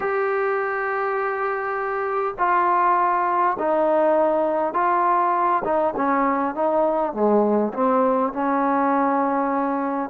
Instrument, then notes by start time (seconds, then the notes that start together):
trombone
0.00 G4
2.38 F4
3.58 D#4
4.73 F4
5.64 D#4
5.96 C#4
6.55 D#4
7.13 G#3
7.73 C4
8.32 C#4